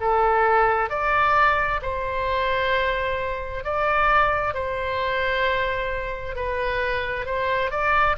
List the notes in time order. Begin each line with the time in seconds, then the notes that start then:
0.00 A4
0.89 D5
1.82 C5
3.64 D5
4.54 C5
6.35 B4
7.25 C5
7.70 D5